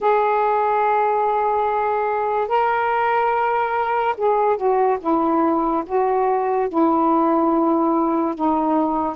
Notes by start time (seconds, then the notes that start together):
0.00 G#4
2.48 A#4
4.17 G#4
4.56 F#4
5.00 E4
5.86 F#4
6.69 E4
8.34 D#4